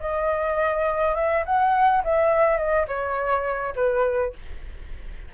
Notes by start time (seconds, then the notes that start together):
0.00 D#5
1.15 E5
1.46 F#5
2.04 E5
2.58 D#5
2.88 C#5
3.76 B4